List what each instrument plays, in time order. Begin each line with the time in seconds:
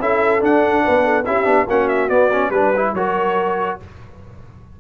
0.00 tuba C#4, trombone E4, horn A4, trumpet E5
0.40 trombone D4, tuba D4, trumpet F#5
0.84 tuba B3, horn B4
1.04 horn A4
1.25 tuba C#4, trombone E4, horn G4, trumpet E5
1.45 tuba B3, trombone D4
1.67 tuba A#3, trombone C#4, horn F#4, trumpet F#5
1.88 trumpet E5
2.09 trombone B3, tuba B3, trumpet D5
2.32 trombone C#4
2.50 tuba G3, trombone D4, trumpet B4, horn B4
2.76 trombone E4
2.94 tuba F#3, trombone F#4, horn A#4, trumpet C#5